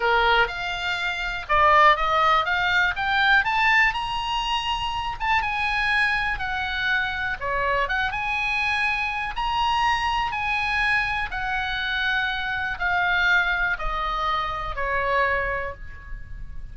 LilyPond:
\new Staff \with { instrumentName = "oboe" } { \time 4/4 \tempo 4 = 122 ais'4 f''2 d''4 | dis''4 f''4 g''4 a''4 | ais''2~ ais''8 a''8 gis''4~ | gis''4 fis''2 cis''4 |
fis''8 gis''2~ gis''8 ais''4~ | ais''4 gis''2 fis''4~ | fis''2 f''2 | dis''2 cis''2 | }